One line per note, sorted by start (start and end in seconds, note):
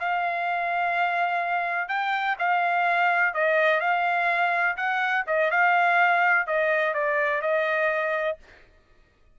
0.00 1.89 F5
1.89 2.37 G5
2.39 3.34 F5
3.34 3.81 D#5
3.81 4.77 F5
4.77 5.25 F#5
5.27 5.51 D#5
5.51 6.47 F5
6.47 6.94 D#5
6.94 7.42 D5
7.42 8.38 D#5